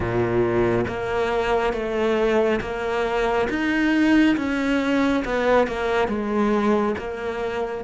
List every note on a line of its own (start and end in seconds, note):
0.00 0.85 A#2
0.87 1.73 A#3
1.73 2.60 A3
2.60 3.47 A#3
3.49 4.36 D#4
4.36 5.23 C#4
5.25 5.67 B3
5.67 6.08 A#3
6.08 6.95 G#3
6.98 7.84 A#3